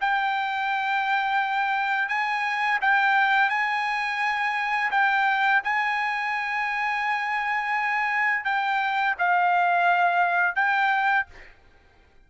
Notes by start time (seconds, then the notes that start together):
0.00 G5
2.08 G#5
2.81 G5
3.49 G#5
4.91 G5
5.63 G#5
8.44 G5
9.18 F5
10.55 G5